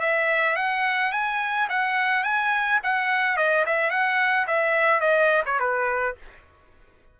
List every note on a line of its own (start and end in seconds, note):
0.00 0.56 E5
0.56 1.12 F#5
1.12 1.68 G#5
1.69 2.24 F#5
2.24 2.80 G#5
2.83 3.37 F#5
3.37 3.65 D#5
3.66 3.90 E5
3.90 4.46 F#5
4.47 5.01 E5
5.01 5.43 D#5
5.46 5.60 C#5
5.60 6.16 B4